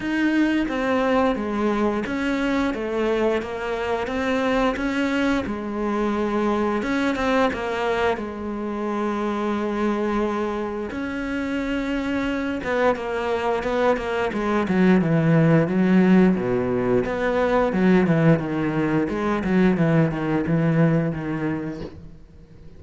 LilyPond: \new Staff \with { instrumentName = "cello" } { \time 4/4 \tempo 4 = 88 dis'4 c'4 gis4 cis'4 | a4 ais4 c'4 cis'4 | gis2 cis'8 c'8 ais4 | gis1 |
cis'2~ cis'8 b8 ais4 | b8 ais8 gis8 fis8 e4 fis4 | b,4 b4 fis8 e8 dis4 | gis8 fis8 e8 dis8 e4 dis4 | }